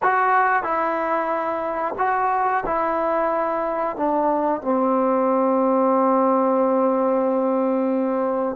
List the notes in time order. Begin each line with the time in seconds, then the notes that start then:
0.02 F#4
0.63 E4
1.98 F#4
2.66 E4
3.96 D4
4.61 C4